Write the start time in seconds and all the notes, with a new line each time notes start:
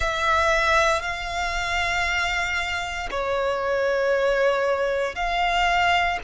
0.00 E5
1.02 F5
3.10 C#5
5.15 F5